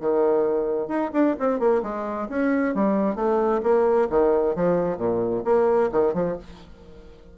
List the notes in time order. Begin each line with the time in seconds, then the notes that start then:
0.00 D#3
0.88 D#4
1.13 D4
1.39 C4
1.59 A#3
1.83 G#3
2.29 C#4
2.75 G3
3.15 A3
3.63 A#3
4.10 D#3
4.55 F3
4.98 A#2
5.45 A#3
5.92 D#3
6.14 F3